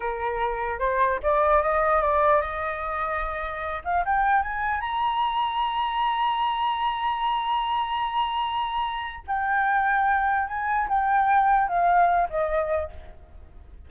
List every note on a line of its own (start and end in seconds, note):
0.00 0.79 A#4
0.79 1.19 C5
1.23 1.62 D5
1.62 2.01 D#5
2.01 2.41 D5
2.41 3.82 D#5
3.84 4.04 F5
4.05 4.42 G5
4.42 4.80 G#5
4.80 9.23 A#5
9.27 10.47 G5
10.47 10.87 G#5
10.88 11.68 G5
11.68 12.28 F5
12.29 12.89 D#5